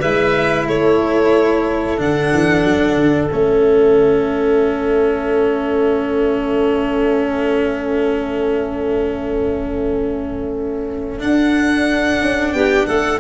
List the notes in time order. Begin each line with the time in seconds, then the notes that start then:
0.00 G#3 E4 B4 E5
0.67 A3 A4 C#5
1.98 D3 D4 F#5
2.34 E3
2.64 F#3
2.96 D3
3.30 A3 C#4 E5
11.19 D4 F#5
12.21 C#4
12.53 B3 G4 G5
12.86 A3 A4 F#5